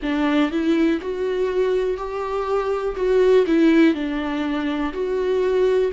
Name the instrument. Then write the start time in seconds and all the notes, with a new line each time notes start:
viola
0.02 D4
0.51 E4
1.01 F#4
1.97 G4
2.96 F#4
3.46 E4
3.94 D4
4.93 F#4